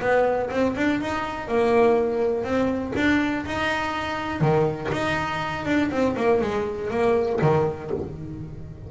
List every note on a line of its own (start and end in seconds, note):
0.00 0.49 B3
0.50 0.75 C4
0.76 1.01 D4
1.01 1.48 D#4
1.48 2.44 A#3
2.44 2.93 C4
2.96 3.45 D4
3.46 4.41 D#4
4.41 4.90 D#3
4.92 5.66 D#4
5.66 5.90 D4
5.91 6.15 C4
6.16 6.41 A#3
6.41 6.90 G#3
6.90 7.39 A#3
7.42 7.91 D#3